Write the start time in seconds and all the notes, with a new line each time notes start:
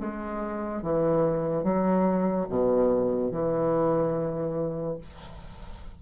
0.00 G#3
0.82 E3
1.63 F#3
2.49 B2
3.31 E3